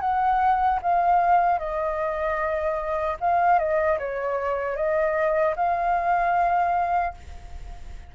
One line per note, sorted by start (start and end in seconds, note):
0.00 0.79 F#5
0.81 1.59 F5
1.59 3.17 D#5
3.20 3.58 F5
3.58 3.98 D#5
3.98 4.75 C#5
4.75 5.54 D#5
5.56 7.13 F5